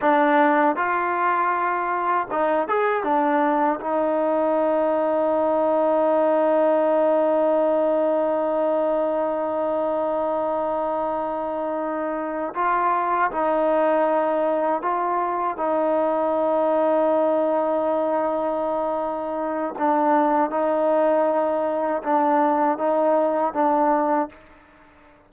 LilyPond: \new Staff \with { instrumentName = "trombone" } { \time 4/4 \tempo 4 = 79 d'4 f'2 dis'8 gis'8 | d'4 dis'2.~ | dis'1~ | dis'1~ |
dis'8 f'4 dis'2 f'8~ | f'8 dis'2.~ dis'8~ | dis'2 d'4 dis'4~ | dis'4 d'4 dis'4 d'4 | }